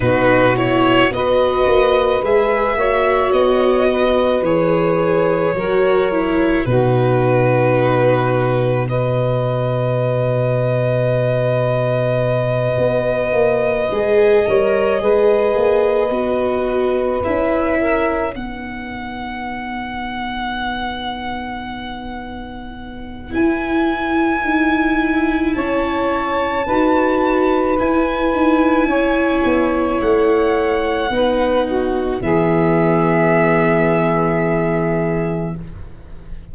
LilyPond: <<
  \new Staff \with { instrumentName = "violin" } { \time 4/4 \tempo 4 = 54 b'8 cis''8 dis''4 e''4 dis''4 | cis''2 b'2 | dis''1~ | dis''2.~ dis''8 e''8~ |
e''8 fis''2.~ fis''8~ | fis''4 gis''2 a''4~ | a''4 gis''2 fis''4~ | fis''4 e''2. | }
  \new Staff \with { instrumentName = "saxophone" } { \time 4/4 fis'4 b'4. cis''4 b'8~ | b'4 ais'4 fis'2 | b'1~ | b'4 cis''8 b'2~ b'8 |
ais'8 b'2.~ b'8~ | b'2. cis''4 | b'2 cis''2 | b'8 fis'8 gis'2. | }
  \new Staff \with { instrumentName = "viola" } { \time 4/4 dis'8 e'8 fis'4 gis'8 fis'4. | gis'4 fis'8 e'8 dis'2 | fis'1~ | fis'8 gis'8 ais'8 gis'4 fis'4 e'8~ |
e'8 dis'2.~ dis'8~ | dis'4 e'2. | fis'4 e'2. | dis'4 b2. | }
  \new Staff \with { instrumentName = "tuba" } { \time 4/4 b,4 b8 ais8 gis8 ais8 b4 | e4 fis4 b,2~ | b,2.~ b,8 b8 | ais8 gis8 g8 gis8 ais8 b4 cis'8~ |
cis'8 b2.~ b8~ | b4 e'4 dis'4 cis'4 | dis'4 e'8 dis'8 cis'8 b8 a4 | b4 e2. | }
>>